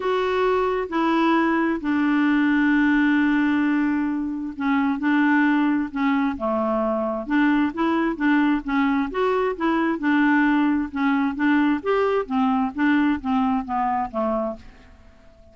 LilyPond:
\new Staff \with { instrumentName = "clarinet" } { \time 4/4 \tempo 4 = 132 fis'2 e'2 | d'1~ | d'2 cis'4 d'4~ | d'4 cis'4 a2 |
d'4 e'4 d'4 cis'4 | fis'4 e'4 d'2 | cis'4 d'4 g'4 c'4 | d'4 c'4 b4 a4 | }